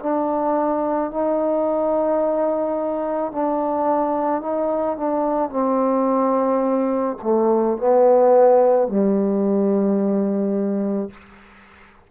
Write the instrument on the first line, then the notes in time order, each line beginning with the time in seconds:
trombone
0.00 D4
1.11 D#4
3.32 D4
4.42 D#4
4.97 D4
5.50 C4
7.22 A3
7.78 B3
8.88 G3